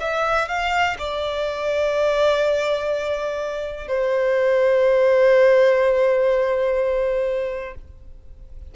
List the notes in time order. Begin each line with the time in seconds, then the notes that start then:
0.00 E5
0.48 F5
0.99 D5
3.88 C5